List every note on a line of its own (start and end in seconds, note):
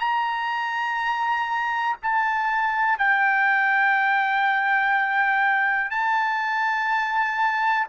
0.00 1.97 A#5
2.03 2.98 A5
2.98 5.91 G5
5.91 7.87 A5